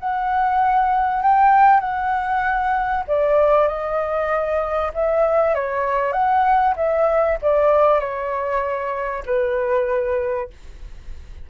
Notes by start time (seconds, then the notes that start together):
0.00 F#5
1.23 G5
1.81 F#5
3.08 D5
3.69 D#5
4.94 E5
5.55 C#5
6.13 F#5
6.77 E5
7.43 D5
8.00 C#5
9.26 B4